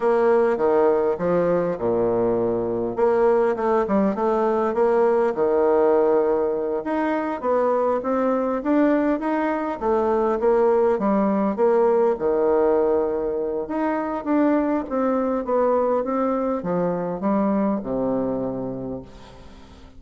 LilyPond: \new Staff \with { instrumentName = "bassoon" } { \time 4/4 \tempo 4 = 101 ais4 dis4 f4 ais,4~ | ais,4 ais4 a8 g8 a4 | ais4 dis2~ dis8 dis'8~ | dis'8 b4 c'4 d'4 dis'8~ |
dis'8 a4 ais4 g4 ais8~ | ais8 dis2~ dis8 dis'4 | d'4 c'4 b4 c'4 | f4 g4 c2 | }